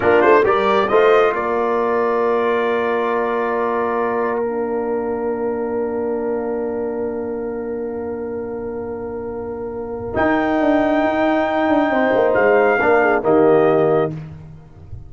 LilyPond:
<<
  \new Staff \with { instrumentName = "trumpet" } { \time 4/4 \tempo 4 = 136 ais'8 c''8 d''4 dis''4 d''4~ | d''1~ | d''2 f''2~ | f''1~ |
f''1~ | f''2. g''4~ | g''1 | f''2 dis''2 | }
  \new Staff \with { instrumentName = "horn" } { \time 4/4 f'4 ais'4 c''4 ais'4~ | ais'1~ | ais'1~ | ais'1~ |
ais'1~ | ais'1~ | ais'2. c''4~ | c''4 ais'8 gis'8 g'2 | }
  \new Staff \with { instrumentName = "trombone" } { \time 4/4 d'4 g'4 f'2~ | f'1~ | f'2 d'2~ | d'1~ |
d'1~ | d'2. dis'4~ | dis'1~ | dis'4 d'4 ais2 | }
  \new Staff \with { instrumentName = "tuba" } { \time 4/4 ais8 a8 g4 a4 ais4~ | ais1~ | ais1~ | ais1~ |
ais1~ | ais2. dis'4 | d'4 dis'4. d'8 c'8 ais8 | gis4 ais4 dis2 | }
>>